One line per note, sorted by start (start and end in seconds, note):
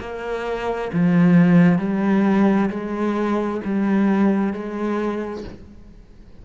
0.00 0.91 A#3
0.93 1.79 F3
1.79 2.69 G3
2.70 3.61 G#3
3.64 4.53 G3
4.53 5.44 G#3